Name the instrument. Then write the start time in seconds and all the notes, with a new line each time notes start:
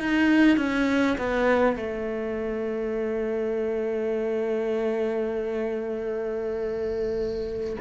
cello
0.00 D#4
0.57 C#4
1.18 B3
1.76 A3